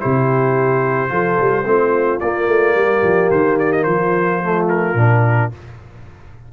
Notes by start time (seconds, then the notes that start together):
0.00 C3 E4 G4 C5
1.08 F3 F4 A4
1.40 G3
1.65 A3 C4 F4
2.20 A#3 D5
2.47 A3
2.75 G3 G4
3.03 F3
3.30 D#3 C5
3.59 D5
3.72 D#5
3.83 F3 F4 C5
4.43 A3
4.69 A#4
4.94 A#2 D4